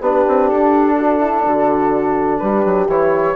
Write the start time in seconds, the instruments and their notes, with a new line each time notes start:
0.00 bassoon B3, trombone D4, horn G4, flute B4
0.28 bassoon C4
0.49 bassoon D4, flute A4
0.97 horn F#4
1.20 horn E4
1.46 bassoon D3, horn F#4
2.39 bassoon G3, horn G4, flute B4
2.65 bassoon F#3
2.87 bassoon E3, trombone E4, flute C#5